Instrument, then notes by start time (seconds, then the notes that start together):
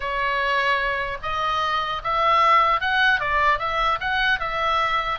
oboe
0.00 C#5
1.22 D#5
2.03 E5
2.81 F#5
3.20 D5
3.58 E5
4.00 F#5
4.39 E5